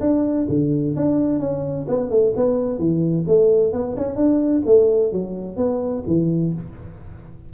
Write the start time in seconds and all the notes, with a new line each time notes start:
0.00 D4
0.49 D3
0.96 D4
1.39 C#4
1.88 B3
2.10 A3
2.36 B3
2.78 E3
3.27 A3
3.72 B3
3.97 C#4
4.16 D4
4.66 A3
5.12 F#3
5.56 B3
6.07 E3